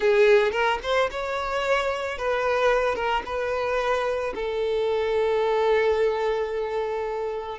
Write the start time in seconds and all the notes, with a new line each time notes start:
0.00 G#4
0.51 A#4
0.83 C5
1.11 C#5
2.17 B4
2.95 A#4
3.25 B4
4.35 A4